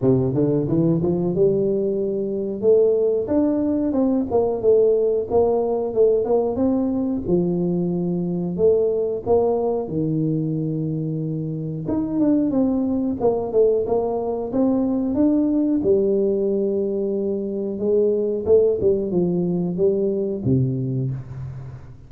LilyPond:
\new Staff \with { instrumentName = "tuba" } { \time 4/4 \tempo 4 = 91 c8 d8 e8 f8 g2 | a4 d'4 c'8 ais8 a4 | ais4 a8 ais8 c'4 f4~ | f4 a4 ais4 dis4~ |
dis2 dis'8 d'8 c'4 | ais8 a8 ais4 c'4 d'4 | g2. gis4 | a8 g8 f4 g4 c4 | }